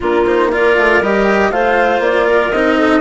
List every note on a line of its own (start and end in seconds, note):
0.00 0.77 A#3
0.00 0.25 D4
0.00 0.49 F4
0.00 0.25 A#4
0.25 0.52 D#4
0.25 0.51 C5
0.52 1.02 F4
0.52 1.52 A#4
0.52 1.03 D5
0.77 1.01 A3
1.01 1.51 G3
1.01 1.51 G4
1.01 1.51 D#5
1.51 1.99 A3
1.51 2.52 F4
1.51 2.27 C5
1.51 2.01 F5
1.99 2.49 A#3
1.99 2.51 D5
2.27 2.77 A#4
2.51 3.00 C4
2.51 3.00 D#4
2.51 3.00 D#5
2.77 3.00 A4